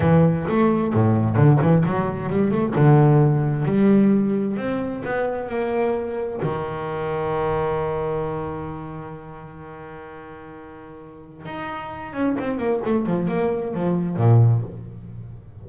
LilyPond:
\new Staff \with { instrumentName = "double bass" } { \time 4/4 \tempo 4 = 131 e4 a4 a,4 d8 e8 | fis4 g8 a8 d2 | g2 c'4 b4 | ais2 dis2~ |
dis1~ | dis1~ | dis4 dis'4. cis'8 c'8 ais8 | a8 f8 ais4 f4 ais,4 | }